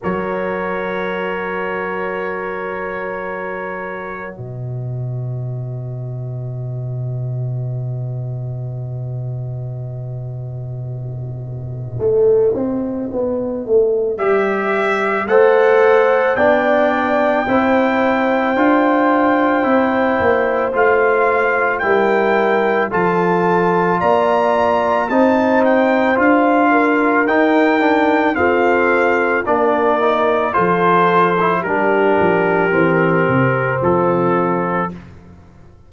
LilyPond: <<
  \new Staff \with { instrumentName = "trumpet" } { \time 4/4 \tempo 4 = 55 cis''1 | dis''1~ | dis''1~ | dis''4 e''4 fis''4 g''4~ |
g''2. f''4 | g''4 a''4 ais''4 a''8 g''8 | f''4 g''4 f''4 d''4 | c''4 ais'2 a'4 | }
  \new Staff \with { instrumentName = "horn" } { \time 4/4 ais'1 | b'1~ | b'1~ | b'2 c''4 d''4 |
c''1 | ais'4 a'4 d''4 c''4~ | c''8 ais'4. a'4 ais'4 | a'4 g'2 f'4 | }
  \new Staff \with { instrumentName = "trombone" } { \time 4/4 fis'1~ | fis'1~ | fis'1~ | fis'4 g'4 a'4 d'4 |
e'4 f'4 e'4 f'4 | e'4 f'2 dis'4 | f'4 dis'8 d'8 c'4 d'8 dis'8 | f'8. e'16 d'4 c'2 | }
  \new Staff \with { instrumentName = "tuba" } { \time 4/4 fis1 | b,1~ | b,2. a8 c'8 | b8 a8 g4 a4 b4 |
c'4 d'4 c'8 ais8 a4 | g4 f4 ais4 c'4 | d'4 dis'4 f'4 ais4 | f4 g8 f8 e8 c8 f4 | }
>>